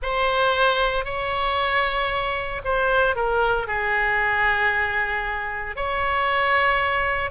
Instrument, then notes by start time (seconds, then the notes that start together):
oboe
0.02 C5
1.05 C#5
2.64 C5
3.15 A#4
3.67 G#4
5.76 C#5